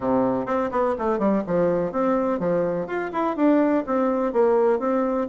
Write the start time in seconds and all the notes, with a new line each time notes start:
0.00 C3
0.46 C4
0.71 B3
0.98 A3
1.18 G3
1.46 F3
1.91 C4
2.39 F3
2.86 F4
3.12 E4
3.36 D4
3.86 C4
4.32 A#3
4.79 C4